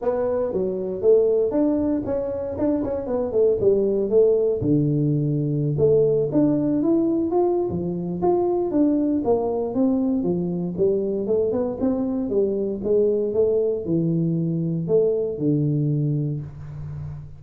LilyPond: \new Staff \with { instrumentName = "tuba" } { \time 4/4 \tempo 4 = 117 b4 fis4 a4 d'4 | cis'4 d'8 cis'8 b8 a8 g4 | a4 d2~ d16 a8.~ | a16 d'4 e'4 f'8. f4 |
f'4 d'4 ais4 c'4 | f4 g4 a8 b8 c'4 | g4 gis4 a4 e4~ | e4 a4 d2 | }